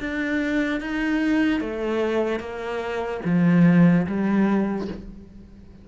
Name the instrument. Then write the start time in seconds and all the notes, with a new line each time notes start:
cello
0.00 D4
0.81 D#4
1.61 A3
2.40 A#3
3.25 F3
4.07 G3